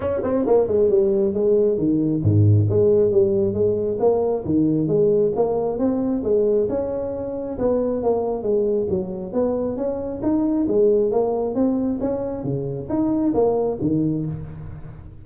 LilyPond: \new Staff \with { instrumentName = "tuba" } { \time 4/4 \tempo 4 = 135 cis'8 c'8 ais8 gis8 g4 gis4 | dis4 gis,4 gis4 g4 | gis4 ais4 dis4 gis4 | ais4 c'4 gis4 cis'4~ |
cis'4 b4 ais4 gis4 | fis4 b4 cis'4 dis'4 | gis4 ais4 c'4 cis'4 | cis4 dis'4 ais4 dis4 | }